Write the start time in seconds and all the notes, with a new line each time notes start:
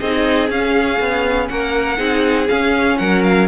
0.00 C4 D#4 G#4 D#5
0.49 C#4 F5
0.99 B3
1.48 A#3 A#4 F#5
1.97 C4 D#4 G#4
2.48 C#4 F5
2.97 F#3 A#4 F#5
3.23 F5